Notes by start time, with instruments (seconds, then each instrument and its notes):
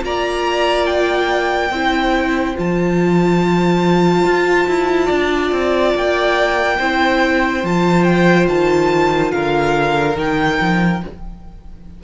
0.00 cello A#3, viola F4, violin D5 A#5
0.86 violin G5
1.70 cello C4, viola E4, violin C5
2.55 cello F3, viola F4, violin A5
4.24 cello F4
4.67 cello E4
5.07 cello D4, violin D5
5.52 cello C4
5.95 cello A#3, violin G5
6.79 cello C4, viola E4, violin C5
7.64 cello F3, viola F4, violin A5
8.04 violin G5
8.49 cello D#3, violin A5
9.32 cello D3, violin A#4 F5
10.14 cello D#3, viola D#4, violin G5
10.61 cello F3